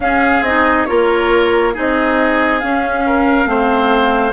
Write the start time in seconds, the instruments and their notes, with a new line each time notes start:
0.00 bassoon C#4, clarinet C#4, oboe G#4, flute F5
0.41 bassoon C4, clarinet D#4, flute D#5
0.85 bassoon A#3, clarinet F4, oboe A#4, flute C#5
1.73 bassoon C4, clarinet D#4, oboe G#4, flute D#5
2.60 bassoon C#4, clarinet C#4, flute F5
3.05 oboe A#4
3.45 bassoon A3, clarinet C4, oboe C5